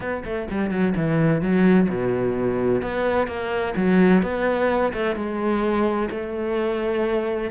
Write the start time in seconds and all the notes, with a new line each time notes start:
0.00 B3
0.24 A3
0.50 G3
0.70 F#3
0.96 E3
1.41 F#3
1.89 B2
2.82 B3
3.27 A#3
3.76 F#3
4.22 B3
4.93 A3
5.15 G#3
6.10 A3